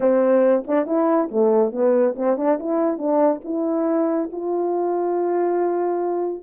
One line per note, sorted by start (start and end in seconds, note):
0.00 0.64 C4
0.67 0.86 D4
0.86 1.29 E4
1.31 1.72 A3
1.72 2.14 B3
2.16 2.37 C4
2.37 2.58 D4
2.59 2.97 E4
2.97 3.40 D4
3.44 4.30 E4
4.32 6.43 F4